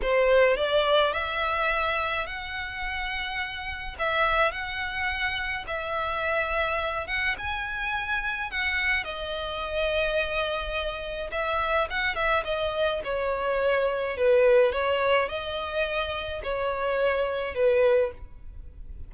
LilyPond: \new Staff \with { instrumentName = "violin" } { \time 4/4 \tempo 4 = 106 c''4 d''4 e''2 | fis''2. e''4 | fis''2 e''2~ | e''8 fis''8 gis''2 fis''4 |
dis''1 | e''4 fis''8 e''8 dis''4 cis''4~ | cis''4 b'4 cis''4 dis''4~ | dis''4 cis''2 b'4 | }